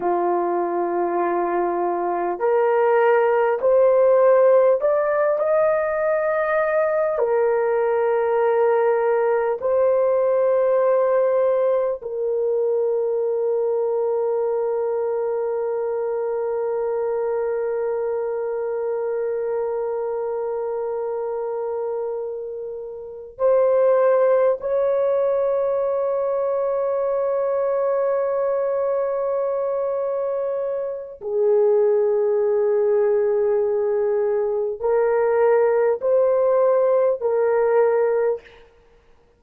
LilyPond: \new Staff \with { instrumentName = "horn" } { \time 4/4 \tempo 4 = 50 f'2 ais'4 c''4 | d''8 dis''4. ais'2 | c''2 ais'2~ | ais'1~ |
ais'2.~ ais'8 c''8~ | c''8 cis''2.~ cis''8~ | cis''2 gis'2~ | gis'4 ais'4 c''4 ais'4 | }